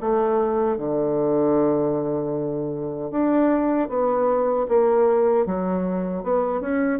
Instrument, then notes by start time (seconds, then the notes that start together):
bassoon
0.00 A3
0.77 D3
3.11 D4
3.89 B3
4.68 A#3
5.45 F#3
6.23 B3
6.61 C#4